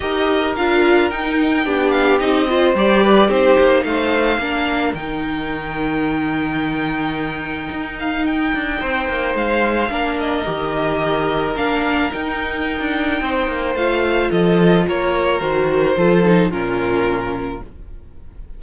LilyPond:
<<
  \new Staff \with { instrumentName = "violin" } { \time 4/4 \tempo 4 = 109 dis''4 f''4 g''4. f''8 | dis''4 d''4 c''4 f''4~ | f''4 g''2.~ | g''2~ g''8 f''8 g''4~ |
g''4 f''4. dis''4.~ | dis''4 f''4 g''2~ | g''4 f''4 dis''4 cis''4 | c''2 ais'2 | }
  \new Staff \with { instrumentName = "violin" } { \time 4/4 ais'2. g'4~ | g'8 c''4 b'8 g'4 c''4 | ais'1~ | ais'1 |
c''2 ais'2~ | ais'1 | c''2 a'4 ais'4~ | ais'4 a'4 f'2 | }
  \new Staff \with { instrumentName = "viola" } { \time 4/4 g'4 f'4 dis'4 d'4 | dis'8 f'8 g'4 dis'2 | d'4 dis'2.~ | dis'1~ |
dis'2 d'4 g'4~ | g'4 d'4 dis'2~ | dis'4 f'2. | fis'4 f'8 dis'8 cis'2 | }
  \new Staff \with { instrumentName = "cello" } { \time 4/4 dis'4 d'4 dis'4 b4 | c'4 g4 c'8 ais8 a4 | ais4 dis2.~ | dis2 dis'4. d'8 |
c'8 ais8 gis4 ais4 dis4~ | dis4 ais4 dis'4~ dis'16 d'8. | c'8 ais8 a4 f4 ais4 | dis4 f4 ais,2 | }
>>